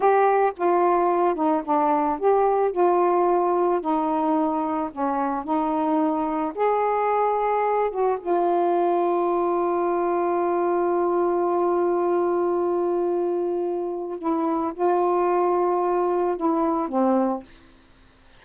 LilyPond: \new Staff \with { instrumentName = "saxophone" } { \time 4/4 \tempo 4 = 110 g'4 f'4. dis'8 d'4 | g'4 f'2 dis'4~ | dis'4 cis'4 dis'2 | gis'2~ gis'8 fis'8 f'4~ |
f'1~ | f'1~ | f'2 e'4 f'4~ | f'2 e'4 c'4 | }